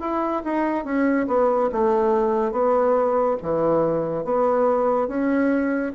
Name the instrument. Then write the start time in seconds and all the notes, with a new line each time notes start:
bassoon
0.00 E4
0.44 D#4
0.84 C#4
1.27 B3
1.72 A3
2.52 B3
3.42 E3
4.24 B3
5.07 C#4